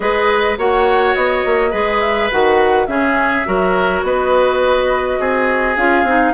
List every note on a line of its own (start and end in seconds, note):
0.00 0.57 G#3
0.00 0.57 G#4
0.00 0.58 B4
0.00 0.57 D#5
0.57 1.15 A#3
0.57 1.71 F#4
0.57 1.70 C#5
0.57 1.14 F#5
1.14 1.44 B3
1.14 2.00 D#5
1.45 1.73 A#3
1.70 2.31 G#3
1.70 2.29 G#4
1.70 2.85 B4
2.00 2.29 E5
2.31 2.87 D#3
2.31 2.87 F#4
2.31 2.86 F#5
2.86 3.45 C#3
2.86 3.45 C#4
2.86 3.47 G#4
2.86 4.01 E5
3.45 4.03 F#3
3.45 5.76 F#4
3.45 4.05 A#4
4.03 5.18 B3
4.03 5.19 B4
4.03 5.76 D#5
5.19 5.76 C4
5.19 6.33 G#4
5.76 6.03 C#4
5.76 6.06 F4
5.76 6.33 F5
6.03 6.32 C4
6.03 6.33 D#4